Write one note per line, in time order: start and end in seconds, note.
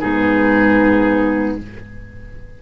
0.00 1.62 G#2
0.00 1.62 B3
0.00 1.58 D#4
0.00 1.58 G#4